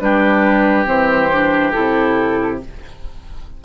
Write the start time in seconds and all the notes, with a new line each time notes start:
0.00 G3 D4 G4 B4
0.86 E3 C4 C5
1.33 D4
1.71 C3 E4 A4